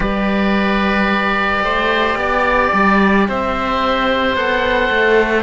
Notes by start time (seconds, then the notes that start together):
0.00 G3 G4 B4 D5
1.63 A3 C5
2.15 B3 D5
2.73 G3
3.28 C4 C5 E5
4.34 B3 A4 F#5
4.90 A3